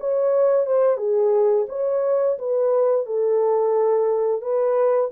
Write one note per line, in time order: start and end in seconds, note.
0.00 0.66 C#5
0.66 0.97 C5
0.97 1.66 G#4
1.69 2.38 C#5
2.39 3.06 B4
3.06 4.42 A4
4.42 5.11 B4